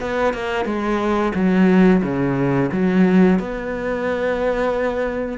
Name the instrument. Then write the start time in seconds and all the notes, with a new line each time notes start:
cello
0.00 B3
0.33 A#3
0.65 G#3
1.34 F#3
2.03 C#3
2.72 F#3
3.39 B3